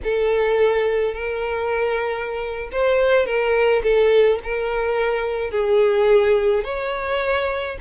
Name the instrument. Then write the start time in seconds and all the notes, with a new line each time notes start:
violin
0.03 A4
1.14 A#4
2.71 C5
3.25 A#4
3.83 A4
4.43 A#4
5.50 G#4
6.64 C#5